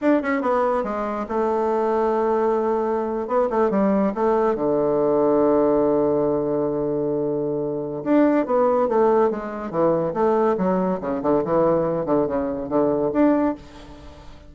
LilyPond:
\new Staff \with { instrumentName = "bassoon" } { \time 4/4 \tempo 4 = 142 d'8 cis'8 b4 gis4 a4~ | a2.~ a8. b16~ | b16 a8 g4 a4 d4~ d16~ | d1~ |
d2. d'4 | b4 a4 gis4 e4 | a4 fis4 cis8 d8 e4~ | e8 d8 cis4 d4 d'4 | }